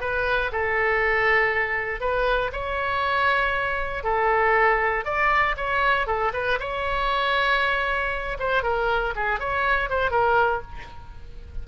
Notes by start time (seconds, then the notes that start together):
0.00 B4
0.52 A4
2.00 B4
2.52 C#5
4.04 A4
5.05 D5
5.57 C#5
6.06 A4
6.33 B4
6.60 C#5
8.39 C5
8.63 A#4
9.15 G#4
9.39 C#5
9.89 C5
10.10 A#4